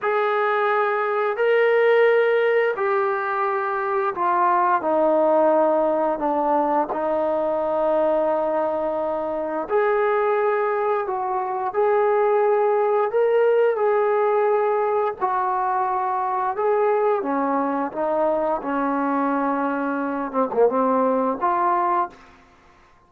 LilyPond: \new Staff \with { instrumentName = "trombone" } { \time 4/4 \tempo 4 = 87 gis'2 ais'2 | g'2 f'4 dis'4~ | dis'4 d'4 dis'2~ | dis'2 gis'2 |
fis'4 gis'2 ais'4 | gis'2 fis'2 | gis'4 cis'4 dis'4 cis'4~ | cis'4. c'16 ais16 c'4 f'4 | }